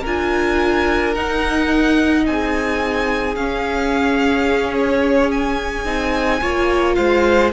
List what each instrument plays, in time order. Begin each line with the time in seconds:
0.00 cello D4, viola F4, violin A#4 G#5
1.14 viola D#4, cello D#4, violin F#5
2.26 cello C4, violin G#4 G#5
3.35 cello C#4, viola C#4, violin F5
4.77 violin C#5
5.31 violin G#5
5.84 cello C4, viola D#4
6.40 cello A#3, viola F4, violin C#5
6.94 cello G#3, violin C5 F5